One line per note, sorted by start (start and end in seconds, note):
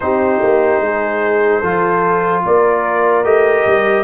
0.00 0.42 C4
0.00 1.63 D#4
0.00 0.84 G4
0.00 2.43 C5
0.43 0.80 A#3
0.80 1.61 G#3
0.80 1.60 G#4
1.60 2.43 F3
1.60 3.24 F4
1.60 2.41 A4
2.45 3.24 A#3
2.45 4.03 A#4
2.45 3.24 D5
3.24 3.64 A3
3.24 4.03 G4
3.24 4.03 D#5
3.66 4.03 G3